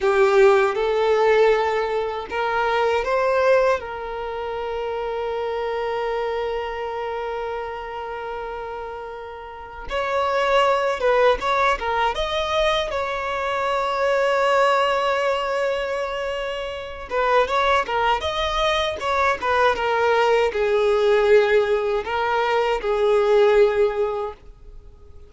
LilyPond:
\new Staff \with { instrumentName = "violin" } { \time 4/4 \tempo 4 = 79 g'4 a'2 ais'4 | c''4 ais'2.~ | ais'1~ | ais'4 cis''4. b'8 cis''8 ais'8 |
dis''4 cis''2.~ | cis''2~ cis''8 b'8 cis''8 ais'8 | dis''4 cis''8 b'8 ais'4 gis'4~ | gis'4 ais'4 gis'2 | }